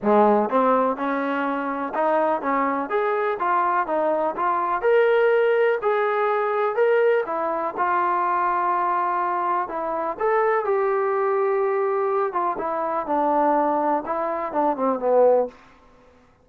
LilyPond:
\new Staff \with { instrumentName = "trombone" } { \time 4/4 \tempo 4 = 124 gis4 c'4 cis'2 | dis'4 cis'4 gis'4 f'4 | dis'4 f'4 ais'2 | gis'2 ais'4 e'4 |
f'1 | e'4 a'4 g'2~ | g'4. f'8 e'4 d'4~ | d'4 e'4 d'8 c'8 b4 | }